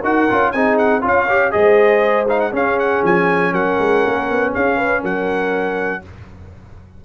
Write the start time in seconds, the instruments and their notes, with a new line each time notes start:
0.00 tuba D#4, trombone F#4, horn A#4, trumpet F#5
0.29 tuba C#4, trombone F4
0.52 tuba C4, trombone D#4, horn G#4, trumpet G#5
0.78 trumpet F#5
1.02 tuba C#4, trombone F4, horn C#5, trumpet F5
1.29 trombone G4
1.51 tuba G#3, trombone G#4, horn C5, trumpet D#5
2.28 trombone D#4, trumpet F5
2.40 trumpet F#5
2.52 trombone C#4, tuba C#4, horn G#4, trumpet F5
2.79 trumpet F#5
3.03 tuba F3, trumpet G#5
3.52 tuba F#3, horn A#4, trumpet F#5
3.79 tuba G#3
4.05 tuba A#3
4.30 tuba B3
4.54 tuba C#4, horn G#4, trumpet F5
4.76 horn B4
5.01 tuba F#3, horn A#4, trumpet F#5